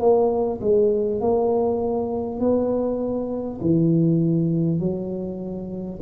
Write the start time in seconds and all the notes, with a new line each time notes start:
0.00 A#3
0.62 G#3
1.21 A#3
2.40 B3
3.61 E3
4.80 F#3